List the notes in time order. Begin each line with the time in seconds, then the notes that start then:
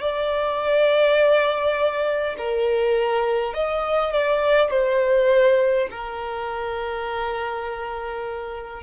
0.00 D5
2.37 A#4
3.53 D#5
4.12 D5
4.71 C5
5.91 A#4